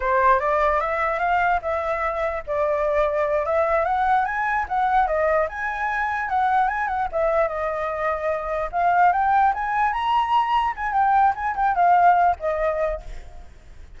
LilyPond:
\new Staff \with { instrumentName = "flute" } { \time 4/4 \tempo 4 = 148 c''4 d''4 e''4 f''4 | e''2 d''2~ | d''8 e''4 fis''4 gis''4 fis''8~ | fis''8 dis''4 gis''2 fis''8~ |
fis''8 gis''8 fis''8 e''4 dis''4.~ | dis''4. f''4 g''4 gis''8~ | gis''8 ais''2 gis''8 g''4 | gis''8 g''8 f''4. dis''4. | }